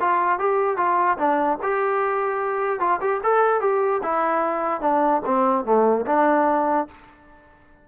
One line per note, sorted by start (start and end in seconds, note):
0.00 0.39 F4
0.39 0.77 G4
0.77 1.17 F4
1.18 1.58 D4
1.62 2.80 G4
2.80 3.00 F4
3.01 3.21 G4
3.23 3.61 A4
3.61 4.01 G4
4.03 4.81 E4
4.81 5.21 D4
5.25 5.65 C4
5.65 6.05 A3
6.06 6.87 D4